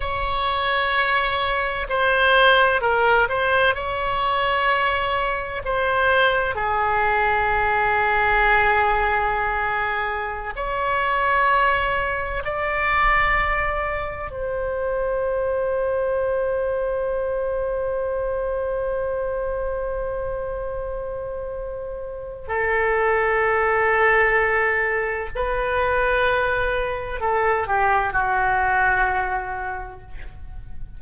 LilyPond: \new Staff \with { instrumentName = "oboe" } { \time 4/4 \tempo 4 = 64 cis''2 c''4 ais'8 c''8 | cis''2 c''4 gis'4~ | gis'2.~ gis'16 cis''8.~ | cis''4~ cis''16 d''2 c''8.~ |
c''1~ | c''1 | a'2. b'4~ | b'4 a'8 g'8 fis'2 | }